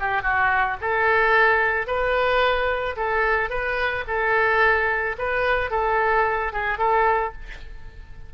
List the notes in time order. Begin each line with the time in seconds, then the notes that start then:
0.00 G4
0.23 F#4
0.81 A4
1.87 B4
2.97 A4
3.50 B4
4.08 A4
5.18 B4
5.71 A4
6.53 G#4
6.79 A4